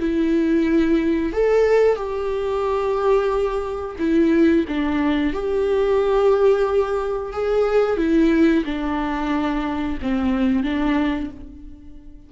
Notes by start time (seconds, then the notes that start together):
0.00 E4
1.33 A4
1.96 G4
3.99 E4
4.68 D4
5.34 G4
7.33 G#4
7.98 E4
8.65 D4
10.02 C4
10.64 D4